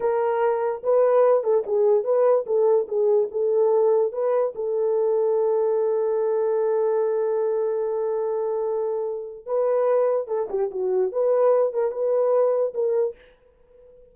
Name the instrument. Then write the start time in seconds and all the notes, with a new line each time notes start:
horn
0.00 A#4
0.83 B4
1.43 A4
1.66 G#4
2.03 B4
2.46 A4
2.87 G#4
3.31 A4
4.12 B4
4.55 A4
9.46 B4
10.27 A4
10.49 G4
10.71 F#4
11.12 B4
11.73 A#4
11.91 B4
12.74 A#4